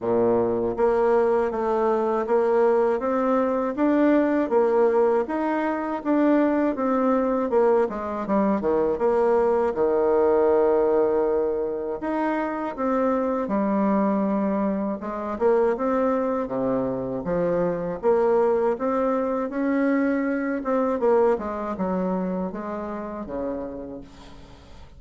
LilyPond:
\new Staff \with { instrumentName = "bassoon" } { \time 4/4 \tempo 4 = 80 ais,4 ais4 a4 ais4 | c'4 d'4 ais4 dis'4 | d'4 c'4 ais8 gis8 g8 dis8 | ais4 dis2. |
dis'4 c'4 g2 | gis8 ais8 c'4 c4 f4 | ais4 c'4 cis'4. c'8 | ais8 gis8 fis4 gis4 cis4 | }